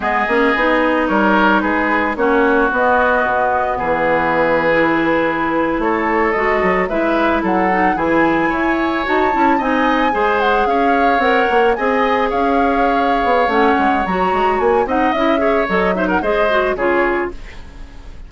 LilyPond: <<
  \new Staff \with { instrumentName = "flute" } { \time 4/4 \tempo 4 = 111 dis''2 cis''4 b'4 | cis''4 dis''2 b'4~ | b'2~ b'8. cis''4 dis''16~ | dis''8. e''4 fis''4 gis''4~ gis''16~ |
gis''8. a''4 gis''4. fis''8 f''16~ | f''8. fis''4 gis''4 f''4~ f''16~ | f''4 fis''4 ais''4 gis''8 fis''8 | e''4 dis''8 e''16 fis''16 dis''4 cis''4 | }
  \new Staff \with { instrumentName = "oboe" } { \time 4/4 gis'2 ais'4 gis'4 | fis'2. gis'4~ | gis'2~ gis'8. a'4~ a'16~ | a'8. b'4 a'4 gis'4 cis''16~ |
cis''4.~ cis''16 dis''4 c''4 cis''16~ | cis''4.~ cis''16 dis''4 cis''4~ cis''16~ | cis''2.~ cis''8 dis''8~ | dis''8 cis''4 c''16 ais'16 c''4 gis'4 | }
  \new Staff \with { instrumentName = "clarinet" } { \time 4/4 b8 cis'8 dis'2. | cis'4 b2.~ | b8. e'2. fis'16~ | fis'8. e'4. dis'8 e'4~ e'16~ |
e'8. fis'8 e'8 dis'4 gis'4~ gis'16~ | gis'8. ais'4 gis'2~ gis'16~ | gis'4 cis'4 fis'4. dis'8 | e'8 gis'8 a'8 dis'8 gis'8 fis'8 f'4 | }
  \new Staff \with { instrumentName = "bassoon" } { \time 4/4 gis8 ais8 b4 g4 gis4 | ais4 b4 b,4 e4~ | e2~ e8. a4 gis16~ | gis16 fis8 gis4 fis4 e4 e'16~ |
e'8. dis'8 cis'8 c'4 gis4 cis'16~ | cis'8. c'8 ais8 c'4 cis'4~ cis'16~ | cis'8 b8 a8 gis8 fis8 gis8 ais8 c'8 | cis'4 fis4 gis4 cis4 | }
>>